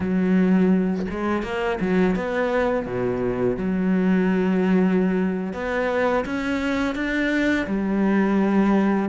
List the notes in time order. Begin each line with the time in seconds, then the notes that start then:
0.00 F#3
1.10 G#3
1.43 A#3
1.80 F#3
2.15 B3
2.86 B2
3.56 F#3
5.53 B3
6.25 C#4
6.94 D4
7.67 G3